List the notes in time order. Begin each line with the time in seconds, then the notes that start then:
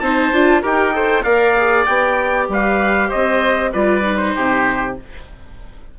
0.00 C4 D#4 C5 A5
0.32 D4 F4
0.62 D#4 G4 A#4 G5
0.93 A4 C5
1.23 A#3 A#4 D5 F5
1.57 G#4
1.86 B3 G4 G5
2.49 G3 B4 F5
3.09 C4 C5 D#5
3.72 G3 F4 B4 D5
4.03 D#4
4.17 C5
4.35 C3 G4